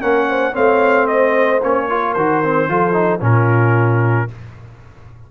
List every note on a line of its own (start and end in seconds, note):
0.00 0.55 A#3
0.00 0.53 C#4
0.00 0.27 A#4
0.00 0.55 F#5
0.28 0.52 C5
0.52 1.63 A3
0.52 1.60 C4
0.52 1.04 C#5
0.52 1.07 F5
1.04 1.85 C5
1.04 1.60 D#5
1.62 2.15 A#3
1.62 1.89 C#4
1.62 2.13 C#5
1.88 2.16 F4
1.88 2.69 A#4
2.13 2.68 D#3
2.13 2.43 F#4
2.13 3.20 C5
2.43 2.68 C4
2.68 3.20 F3
2.68 2.92 F4
2.68 3.22 A4
2.92 3.19 D#4
3.20 4.28 A#2
3.20 4.28 C#4
3.20 4.29 F4
3.20 4.31 A#4